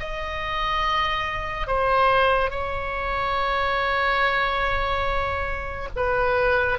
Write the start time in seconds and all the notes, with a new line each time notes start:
0.00 D#5
1.67 C5
2.51 C#5
5.96 B4